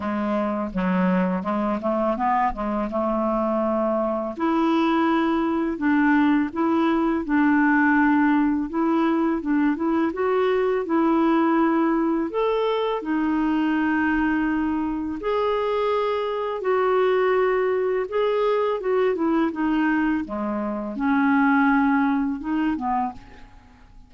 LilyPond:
\new Staff \with { instrumentName = "clarinet" } { \time 4/4 \tempo 4 = 83 gis4 fis4 gis8 a8 b8 gis8 | a2 e'2 | d'4 e'4 d'2 | e'4 d'8 e'8 fis'4 e'4~ |
e'4 a'4 dis'2~ | dis'4 gis'2 fis'4~ | fis'4 gis'4 fis'8 e'8 dis'4 | gis4 cis'2 dis'8 b8 | }